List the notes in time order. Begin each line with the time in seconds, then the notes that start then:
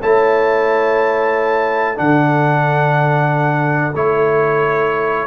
0.00 A3 E4 C#5 A5
1.95 D3 D4 A4 F#5
3.95 A3 E4 C#5